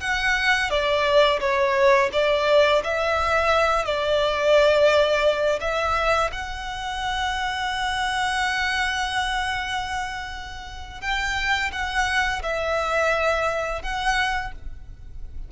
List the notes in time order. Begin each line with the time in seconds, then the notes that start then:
0.00 F#5
0.70 D5
1.40 C#5
2.12 D5
2.84 E5
3.85 D5
5.60 E5
6.32 F#5
11.01 G5
11.72 F#5
12.42 E5
13.82 F#5